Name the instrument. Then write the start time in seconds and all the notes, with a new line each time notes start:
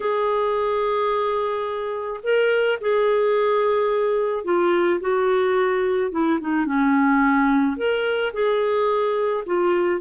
clarinet
0.00 G#4
2.23 A#4
2.80 G#4
4.44 F4
5.00 F#4
6.11 E4
6.40 D#4
6.65 C#4
7.77 A#4
8.33 G#4
9.45 F4